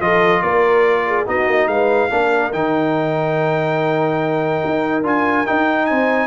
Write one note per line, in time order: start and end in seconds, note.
0.00 0.42 F3
0.00 1.26 F4
0.00 0.42 A4
0.00 0.42 D#5
0.42 1.27 A#3
0.42 1.05 A#4
0.42 1.26 D5
1.07 1.28 G#4
1.26 1.47 B3
1.26 2.10 D#4
1.26 1.70 F#4
1.26 1.68 D#5
1.47 1.67 A#3
1.67 2.09 G#3
1.67 2.12 B4
1.67 2.52 F5
2.10 2.53 A#3
2.10 2.52 D4
2.10 5.89 A#4
2.53 4.63 D#3
2.53 5.03 D#4
2.53 5.04 G5
4.65 5.03 D#4
5.03 5.45 D4
5.03 5.45 F4
5.03 5.46 G#5
5.46 6.27 D#4
5.46 5.91 D#4
5.46 5.86 G5
5.86 6.27 C4
5.86 6.27 C5
5.86 6.27 G#5